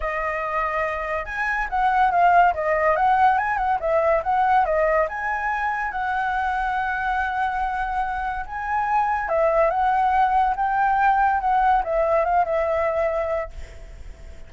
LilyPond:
\new Staff \with { instrumentName = "flute" } { \time 4/4 \tempo 4 = 142 dis''2. gis''4 | fis''4 f''4 dis''4 fis''4 | gis''8 fis''8 e''4 fis''4 dis''4 | gis''2 fis''2~ |
fis''1 | gis''2 e''4 fis''4~ | fis''4 g''2 fis''4 | e''4 f''8 e''2~ e''8 | }